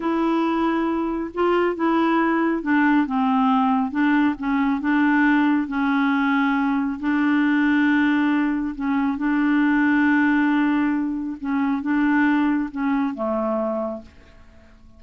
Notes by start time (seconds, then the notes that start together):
0.00 E4
1.34 F4
1.75 E4
2.62 D4
3.06 C4
3.91 D4
4.38 C#4
4.81 D4
5.67 C#4
6.99 D4
8.75 C#4
9.17 D4
11.40 C#4
11.81 D4
12.71 C#4
13.14 A3